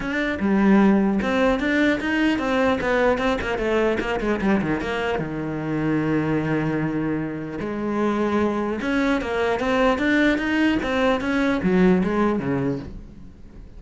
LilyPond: \new Staff \with { instrumentName = "cello" } { \time 4/4 \tempo 4 = 150 d'4 g2 c'4 | d'4 dis'4 c'4 b4 | c'8 ais8 a4 ais8 gis8 g8 dis8 | ais4 dis2.~ |
dis2. gis4~ | gis2 cis'4 ais4 | c'4 d'4 dis'4 c'4 | cis'4 fis4 gis4 cis4 | }